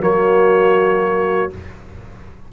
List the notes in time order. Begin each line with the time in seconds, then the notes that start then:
0.00 F#3 A#3 F#4 C#5